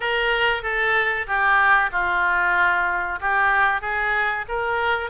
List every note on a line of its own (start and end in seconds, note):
0.00 0.62 A#4
0.62 1.26 A4
1.26 1.90 G4
1.91 3.19 F4
3.20 3.81 G4
3.81 4.45 G#4
4.48 5.10 A#4